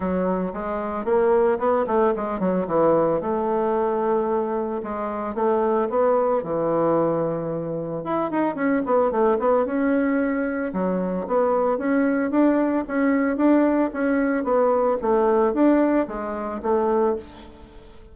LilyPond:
\new Staff \with { instrumentName = "bassoon" } { \time 4/4 \tempo 4 = 112 fis4 gis4 ais4 b8 a8 | gis8 fis8 e4 a2~ | a4 gis4 a4 b4 | e2. e'8 dis'8 |
cis'8 b8 a8 b8 cis'2 | fis4 b4 cis'4 d'4 | cis'4 d'4 cis'4 b4 | a4 d'4 gis4 a4 | }